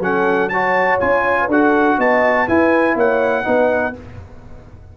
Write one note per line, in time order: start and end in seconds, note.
0.00 0.98 F#3
0.00 0.51 C#4
0.00 0.53 A4
0.00 0.50 F#5
0.50 1.01 F#4
0.50 1.40 C#5
0.50 0.99 A5
1.01 1.48 C#4
1.01 1.50 F4
1.01 1.50 G#5
1.41 1.49 B4
1.48 1.97 D4
1.48 2.48 F#4
1.48 1.98 A4
1.48 2.01 F#5
1.98 2.48 B3
1.98 2.47 D#5
1.98 2.49 A5
2.48 2.96 E4
2.48 3.44 E4
2.48 2.96 B4
2.48 2.98 G#5
2.96 3.45 A#3
2.96 3.45 C#5
2.96 3.98 F#5
3.44 3.97 B3
3.44 3.93 D#4
3.44 3.97 B4